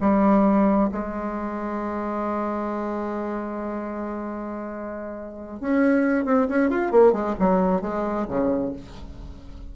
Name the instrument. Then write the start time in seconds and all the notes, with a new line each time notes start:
bassoon
0.00 G3
0.91 G#3
5.60 C#4
6.24 C4
6.48 C#4
6.70 F4
6.91 A#3
7.12 G#3
7.39 F#3
7.81 G#3
8.27 C#3